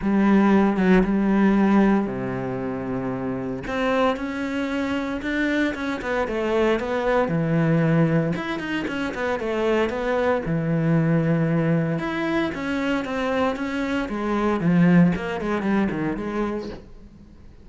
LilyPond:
\new Staff \with { instrumentName = "cello" } { \time 4/4 \tempo 4 = 115 g4. fis8 g2 | c2. c'4 | cis'2 d'4 cis'8 b8 | a4 b4 e2 |
e'8 dis'8 cis'8 b8 a4 b4 | e2. e'4 | cis'4 c'4 cis'4 gis4 | f4 ais8 gis8 g8 dis8 gis4 | }